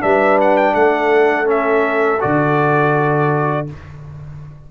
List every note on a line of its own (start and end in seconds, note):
0.00 0.75 G3
0.00 1.45 D4
0.00 0.74 B4
0.00 0.38 E5
0.41 0.57 F#5
0.57 0.74 G5
0.74 2.21 A3
0.74 3.66 A4
0.74 1.47 F#5
1.45 2.18 C#4
1.45 2.21 E5
2.20 3.71 D3
2.20 3.66 F#4
2.20 3.67 D5